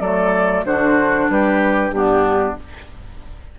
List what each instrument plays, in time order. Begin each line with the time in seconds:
0.00 bassoon F#3, clarinet A3, oboe A4, flute D5
0.65 bassoon D3, clarinet D4, oboe F#4, flute C5
1.29 bassoon G3, oboe G4, flute B4
1.91 bassoon G2, clarinet B3, oboe D4, flute G4